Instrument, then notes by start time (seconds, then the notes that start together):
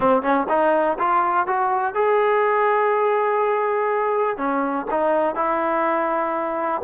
trombone
0.00 C4
0.22 C#4
0.49 D#4
0.98 F4
1.46 F#4
1.94 G#4
4.37 C#4
4.90 D#4
5.35 E4